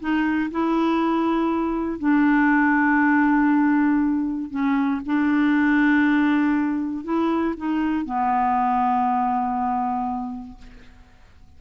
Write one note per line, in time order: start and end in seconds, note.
0.00 0.50 D#4
0.51 1.99 E4
1.99 4.51 D4
4.51 5.01 C#4
5.06 7.04 D4
7.04 7.55 E4
7.57 8.06 D#4
8.06 10.58 B3